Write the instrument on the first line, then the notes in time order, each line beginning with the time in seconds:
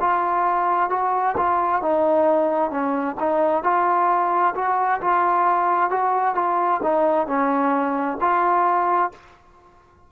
trombone
0.00 F4
0.90 F#4
1.37 F4
1.81 D#4
2.70 C#4
3.19 D#4
3.63 F4
4.55 F#4
5.01 F4
5.90 F#4
6.35 F4
6.83 D#4
7.26 C#4
8.20 F4